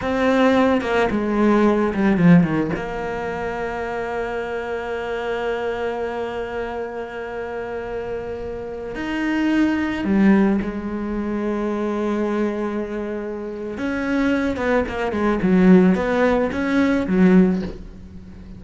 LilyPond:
\new Staff \with { instrumentName = "cello" } { \time 4/4 \tempo 4 = 109 c'4. ais8 gis4. g8 | f8 dis8 ais2.~ | ais1~ | ais1~ |
ais16 dis'2 g4 gis8.~ | gis1~ | gis4 cis'4. b8 ais8 gis8 | fis4 b4 cis'4 fis4 | }